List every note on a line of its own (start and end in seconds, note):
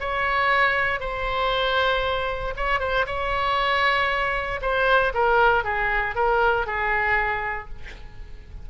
0.00 1.00 C#5
1.00 2.54 C5
2.56 2.80 C#5
2.80 3.05 C5
3.07 4.60 C#5
4.62 5.13 C5
5.14 5.64 A#4
5.64 6.15 G#4
6.15 6.66 A#4
6.66 7.69 G#4